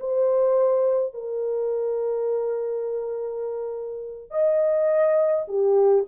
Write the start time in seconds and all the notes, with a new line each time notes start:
0.00 C5
1.14 A#4
4.31 D#5
5.48 G4